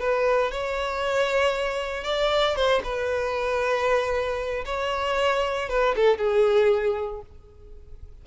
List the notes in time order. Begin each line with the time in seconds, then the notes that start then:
0.00 B4
0.52 C#5
2.04 D5
2.56 C5
2.84 B4
4.66 C#5
5.69 B4
5.96 A4
6.18 G#4